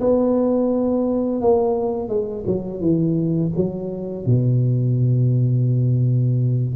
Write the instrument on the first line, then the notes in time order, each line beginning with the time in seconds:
tuba
0.00 B3
1.41 A#3
2.08 G#3
2.46 F#3
2.80 E3
3.56 F#3
4.26 B2